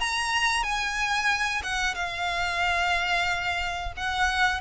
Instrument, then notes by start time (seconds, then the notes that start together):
violin
0.00 A#5
0.63 G#5
1.63 F#5
1.95 F5
3.97 F#5